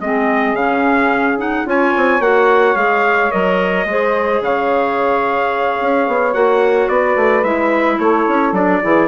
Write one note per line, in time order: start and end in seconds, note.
0.00 0.53 G#3
0.00 0.57 C4
0.00 1.66 G#4
0.00 0.55 D#5
0.53 1.63 C#3
0.53 1.38 C#4
0.53 1.38 F5
1.38 1.65 D#4
1.38 1.67 F#5
1.65 1.93 C#4
1.65 2.20 F4
1.65 3.87 C#5
1.65 2.21 G#5
1.96 2.20 C4
2.20 2.75 A#3
2.20 2.75 F#4
2.20 2.76 F#5
2.75 3.30 G#3
2.75 3.30 G#4
2.75 3.31 F5
3.31 3.85 F#3
3.31 3.86 A#4
3.31 4.41 D#5
3.85 4.40 G#3
3.85 6.33 G#4
3.85 4.44 C5
4.40 5.78 C#3
4.40 6.91 C#5
4.40 6.34 F5
5.80 6.07 C#4
6.07 6.34 B3
6.33 6.88 A#3
6.33 7.43 F#4
6.33 6.89 F#5
6.88 7.15 B3
6.88 7.97 B4
6.88 7.44 D5
7.16 7.43 A3
7.43 7.98 G#3
7.43 8.54 E4
7.43 7.99 E5
7.97 8.26 A3
7.97 8.80 A4
7.97 8.54 C#5
8.28 8.52 C#4
8.52 8.80 F#3
8.52 8.82 D4
8.52 9.08 D5
8.82 9.08 E3
8.82 9.08 E4
8.82 9.08 G#4